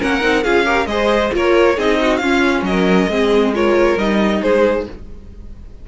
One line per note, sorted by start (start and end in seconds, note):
0.00 0.23 A#3
0.00 0.21 C#4
0.00 0.44 A#4
0.00 0.44 F#5
0.21 0.45 C4
0.21 0.43 D#4
0.44 0.86 C#4
0.44 0.66 F4
0.44 0.66 G#4
0.44 0.87 F5
0.66 0.88 G4
0.66 0.88 A#4
0.86 1.31 G#3
0.86 1.32 G#4
0.86 1.35 C5
0.86 1.31 D#5
1.32 1.78 A#3
1.32 1.76 F4
1.32 1.77 A#4
1.32 1.80 C#5
1.77 2.21 C4
1.77 2.22 D#4
1.77 1.99 G#4
1.77 2.17 D#5
2.01 2.22 F#4
2.17 2.62 C#4
2.17 3.10 C#4
2.17 2.66 F4
2.17 2.61 F5
2.62 3.07 F#3
2.62 3.54 D#5
2.69 3.10 A#4
3.07 3.95 G#3
3.07 3.54 C4
3.07 3.54 G#4
3.54 3.98 F4
3.54 4.42 A#4
3.54 3.99 C#5
3.98 4.42 G3
3.98 4.88 D#4
3.98 4.42 D#5
4.42 4.87 G#3
4.42 4.86 G#4
4.42 4.86 C5